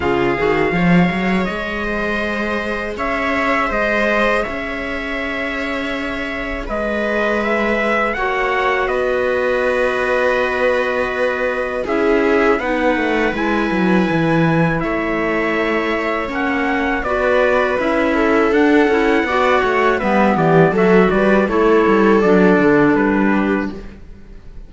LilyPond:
<<
  \new Staff \with { instrumentName = "trumpet" } { \time 4/4 \tempo 4 = 81 f''2 dis''2 | e''4 dis''4 e''2~ | e''4 dis''4 e''4 fis''4 | dis''1 |
e''4 fis''4 gis''2 | e''2 fis''4 d''4 | e''4 fis''2 e''8 d''8 | e''8 d''8 cis''4 d''4 b'4 | }
  \new Staff \with { instrumentName = "viola" } { \time 4/4 gis'4 cis''4. c''4. | cis''4 c''4 cis''2~ | cis''4 b'2 cis''4 | b'1 |
gis'4 b'2. | cis''2. b'4~ | b'8 a'4. d''8 cis''8 b'8 g'8 | a'8 b'8 a'2~ a'8 g'8 | }
  \new Staff \with { instrumentName = "clarinet" } { \time 4/4 f'8 fis'8 gis'2.~ | gis'1~ | gis'2. fis'4~ | fis'1 |
e'4 dis'4 e'2~ | e'2 cis'4 fis'4 | e'4 d'8 e'8 fis'4 b4 | fis'4 e'4 d'2 | }
  \new Staff \with { instrumentName = "cello" } { \time 4/4 cis8 dis8 f8 fis8 gis2 | cis'4 gis4 cis'2~ | cis'4 gis2 ais4 | b1 |
cis'4 b8 a8 gis8 fis8 e4 | a2 ais4 b4 | cis'4 d'8 cis'8 b8 a8 g8 e8 | fis8 g8 a8 g8 fis8 d8 g4 | }
>>